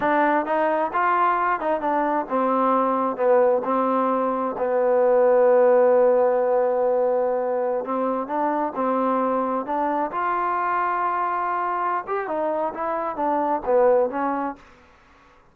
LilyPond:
\new Staff \with { instrumentName = "trombone" } { \time 4/4 \tempo 4 = 132 d'4 dis'4 f'4. dis'8 | d'4 c'2 b4 | c'2 b2~ | b1~ |
b4~ b16 c'4 d'4 c'8.~ | c'4~ c'16 d'4 f'4.~ f'16~ | f'2~ f'8 g'8 dis'4 | e'4 d'4 b4 cis'4 | }